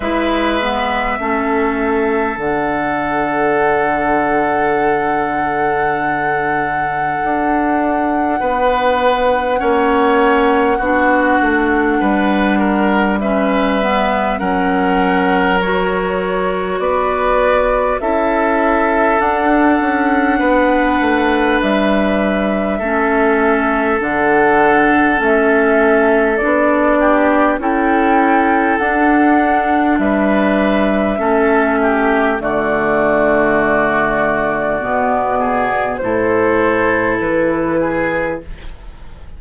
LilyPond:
<<
  \new Staff \with { instrumentName = "flute" } { \time 4/4 \tempo 4 = 50 e''2 fis''2~ | fis''1~ | fis''2. e''4 | fis''4 cis''4 d''4 e''4 |
fis''2 e''2 | fis''4 e''4 d''4 g''4 | fis''4 e''2 d''4~ | d''2 c''4 b'4 | }
  \new Staff \with { instrumentName = "oboe" } { \time 4/4 b'4 a'2.~ | a'2. b'4 | cis''4 fis'4 b'8 ais'8 b'4 | ais'2 b'4 a'4~ |
a'4 b'2 a'4~ | a'2~ a'8 g'8 a'4~ | a'4 b'4 a'8 g'8 fis'4~ | fis'4. gis'8 a'4. gis'8 | }
  \new Staff \with { instrumentName = "clarinet" } { \time 4/4 e'8 b8 cis'4 d'2~ | d'1 | cis'4 d'2 cis'8 b8 | cis'4 fis'2 e'4 |
d'2. cis'4 | d'4 cis'4 d'4 e'4 | d'2 cis'4 a4~ | a4 b4 e'2 | }
  \new Staff \with { instrumentName = "bassoon" } { \time 4/4 gis4 a4 d2~ | d2 d'4 b4 | ais4 b8 a8 g2 | fis2 b4 cis'4 |
d'8 cis'8 b8 a8 g4 a4 | d4 a4 b4 cis'4 | d'4 g4 a4 d4~ | d4 b,4 a,4 e4 | }
>>